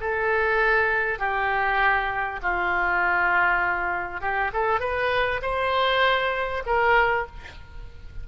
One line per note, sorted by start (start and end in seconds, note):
0.00 1.18 A4
1.18 2.39 G4
2.42 4.20 F4
4.20 4.51 G4
4.53 4.80 A4
4.80 5.40 B4
5.42 6.63 C5
6.65 7.26 A#4